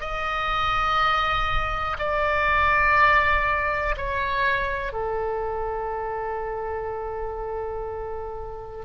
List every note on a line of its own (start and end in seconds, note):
0.00 1.97 D#5
1.99 3.95 D5
3.97 4.93 C#5
4.93 8.85 A4